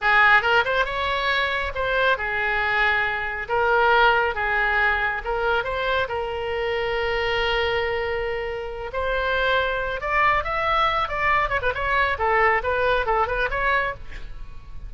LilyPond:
\new Staff \with { instrumentName = "oboe" } { \time 4/4 \tempo 4 = 138 gis'4 ais'8 c''8 cis''2 | c''4 gis'2. | ais'2 gis'2 | ais'4 c''4 ais'2~ |
ais'1~ | ais'8 c''2~ c''8 d''4 | e''4. d''4 cis''16 b'16 cis''4 | a'4 b'4 a'8 b'8 cis''4 | }